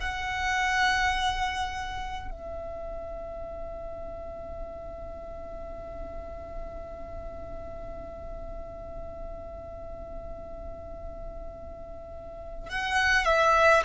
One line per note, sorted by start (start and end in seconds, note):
0.00 2.30 F#5
2.30 12.69 E5
12.69 13.25 F#5
13.25 13.83 E5